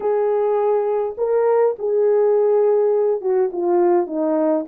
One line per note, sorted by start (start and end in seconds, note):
0.00 1.15 G#4
1.17 1.76 A#4
1.78 3.21 G#4
3.21 3.50 F#4
3.52 4.06 F4
4.06 4.65 D#4